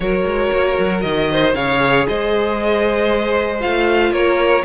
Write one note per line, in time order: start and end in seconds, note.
0.00 0.24 F#3
0.00 1.56 F#4
0.00 1.31 A#4
0.00 1.01 C#5
0.25 0.51 G#3
0.52 0.78 A#3
0.79 1.04 F#3
1.01 1.54 D#3
1.01 1.53 D#5
1.31 1.55 C5
1.54 2.06 C#3
1.54 3.60 G#4
1.54 2.07 C#5
1.54 2.06 F5
2.08 3.65 G#3
2.08 4.13 C5
2.08 3.61 D#5
3.60 4.11 A3
3.60 4.63 F4
3.60 4.12 F5
4.11 4.62 A#3
4.11 4.64 A#4
4.11 4.64 C#5